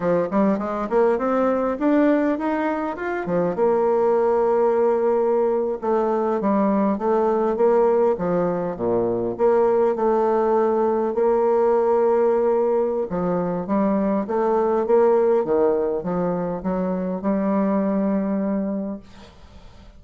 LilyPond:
\new Staff \with { instrumentName = "bassoon" } { \time 4/4 \tempo 4 = 101 f8 g8 gis8 ais8 c'4 d'4 | dis'4 f'8 f8 ais2~ | ais4.~ ais16 a4 g4 a16~ | a8. ais4 f4 ais,4 ais16~ |
ais8. a2 ais4~ ais16~ | ais2 f4 g4 | a4 ais4 dis4 f4 | fis4 g2. | }